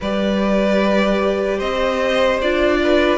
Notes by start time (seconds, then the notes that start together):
0.01 G3 G4 B4 D5
1.58 C4 C5 D#5
2.41 D4 F4 D5
2.83 B4